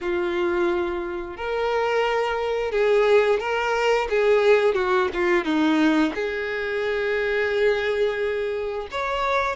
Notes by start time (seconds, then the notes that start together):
0.00 F4
1.36 A#4
2.71 G#4
3.39 A#4
4.09 G#4
4.74 F#4
5.13 F4
5.44 D#4
6.15 G#4
8.91 C#5